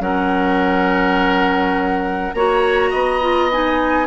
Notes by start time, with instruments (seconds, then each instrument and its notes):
0.00 bassoon F#3, clarinet C#4, oboe A#4, flute F#5
2.34 bassoon A#3, clarinet F#4, oboe C#5, flute A#5
2.91 bassoon B3, oboe D#5
3.21 clarinet F4
3.53 clarinet D#4, flute G#5